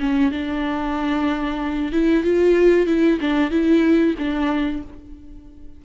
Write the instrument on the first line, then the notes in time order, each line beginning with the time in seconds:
viola
0.00 C#4
0.32 D4
1.93 E4
2.24 F4
2.87 E4
3.21 D4
3.51 E4
4.18 D4